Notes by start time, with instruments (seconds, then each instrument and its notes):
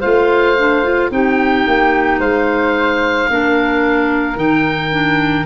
0.00 tuba A3, clarinet F4, flute C5, oboe F5
0.57 clarinet D4
0.83 clarinet F4
1.11 tuba C4, clarinet D#4, flute G4, oboe G5
1.67 tuba A#3
2.19 tuba G#3, flute C5, oboe F5
3.30 tuba A#3, clarinet D4, flute A#4
4.36 tuba D#3, clarinet D#4, oboe G5
4.91 clarinet D4